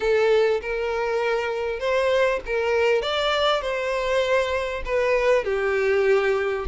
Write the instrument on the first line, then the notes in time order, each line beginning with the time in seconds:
violin
0.00 A4
0.61 A#4
1.79 C5
2.46 A#4
3.01 D5
3.61 C5
4.85 B4
5.44 G4